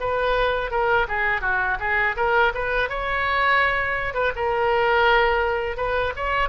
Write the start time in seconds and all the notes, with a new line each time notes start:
0.00 B4
0.71 A#4
1.08 G#4
1.41 F#4
1.79 G#4
2.17 A#4
2.54 B4
2.89 C#5
4.14 B4
4.35 A#4
5.77 B4
6.16 C#5